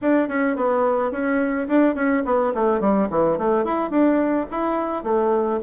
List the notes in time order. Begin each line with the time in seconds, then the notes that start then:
0.01 D4
0.28 C#4
0.56 B3
1.11 C#4
1.68 D4
1.95 C#4
2.25 B3
2.54 A3
2.80 G3
3.10 E3
3.38 A3
3.64 E4
3.90 D4
4.50 E4
5.03 A3